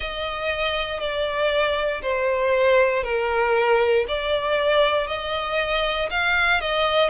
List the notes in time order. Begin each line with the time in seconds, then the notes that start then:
0.00 D#5
0.99 D5
2.02 C5
3.03 A#4
4.07 D5
5.07 D#5
6.10 F5
6.61 D#5